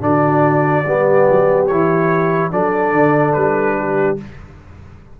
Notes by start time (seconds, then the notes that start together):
0.00 D3 D4 F#4 D5
0.85 G3 B3 G4
1.30 F#3
1.66 E3 E4 C#5
2.51 F#3 D4 A4 D5
2.92 D3
3.33 G3 B4
3.78 G4